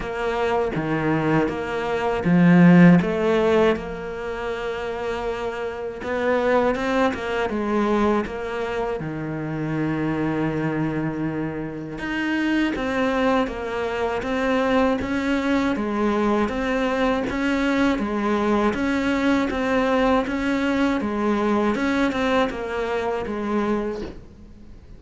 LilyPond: \new Staff \with { instrumentName = "cello" } { \time 4/4 \tempo 4 = 80 ais4 dis4 ais4 f4 | a4 ais2. | b4 c'8 ais8 gis4 ais4 | dis1 |
dis'4 c'4 ais4 c'4 | cis'4 gis4 c'4 cis'4 | gis4 cis'4 c'4 cis'4 | gis4 cis'8 c'8 ais4 gis4 | }